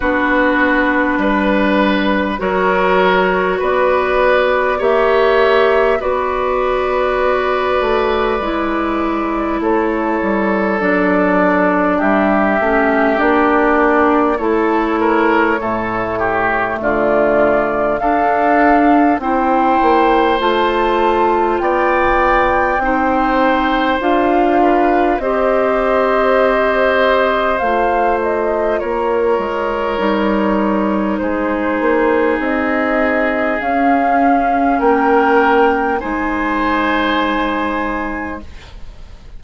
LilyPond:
<<
  \new Staff \with { instrumentName = "flute" } { \time 4/4 \tempo 4 = 50 b'2 cis''4 d''4 | e''4 d''2. | cis''4 d''4 e''4 d''4 | cis''2 d''4 f''4 |
g''4 a''4 g''2 | f''4 dis''2 f''8 dis''8 | cis''2 c''4 dis''4 | f''4 g''4 gis''2 | }
  \new Staff \with { instrumentName = "oboe" } { \time 4/4 fis'4 b'4 ais'4 b'4 | cis''4 b'2. | a'2 g'2 | a'8 ais'8 a'8 g'8 f'4 a'4 |
c''2 d''4 c''4~ | c''8 b'8 c''2. | ais'2 gis'2~ | gis'4 ais'4 c''2 | }
  \new Staff \with { instrumentName = "clarinet" } { \time 4/4 d'2 fis'2 | g'4 fis'2 e'4~ | e'4 d'4. cis'8 d'4 | e'4 a2 d'4 |
e'4 f'2 dis'4 | f'4 g'2 f'4~ | f'4 dis'2. | cis'2 dis'2 | }
  \new Staff \with { instrumentName = "bassoon" } { \time 4/4 b4 g4 fis4 b4 | ais4 b4. a8 gis4 | a8 g8 fis4 g8 a8 ais4 | a4 a,4 d4 d'4 |
c'8 ais8 a4 b4 c'4 | d'4 c'2 a4 | ais8 gis8 g4 gis8 ais8 c'4 | cis'4 ais4 gis2 | }
>>